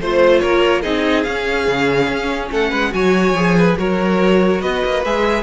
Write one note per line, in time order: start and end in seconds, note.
0.00 0.43 A3
0.00 0.83 F4
0.00 0.41 C5
0.00 0.39 C5
0.39 0.84 A#3
0.39 0.82 A#4
0.39 0.81 C#5
0.82 1.26 C4
0.82 1.24 D#4
0.82 2.49 G#4
0.82 1.23 D#5
1.23 2.91 C#4
1.23 1.67 C#4
1.23 2.49 F5
1.67 2.07 C#3
2.07 2.49 C#4
2.51 2.72 A3
2.51 2.70 A4
2.51 2.93 F#5
2.70 2.93 G#3
2.70 2.91 B4
2.91 3.33 F#3
2.91 3.33 F#4
2.91 3.57 C#5
2.91 3.77 G#5
3.33 3.75 F3
3.33 3.77 G#4
3.57 3.78 B4
3.77 4.61 F#3
3.77 5.03 F#4
3.77 4.61 A#4
3.77 4.61 C#5
4.61 4.82 B3
4.61 5.43 B4
4.61 5.03 D#5
4.85 5.04 A#3
5.04 5.43 G#3
5.04 5.43 G#4
5.04 5.43 E5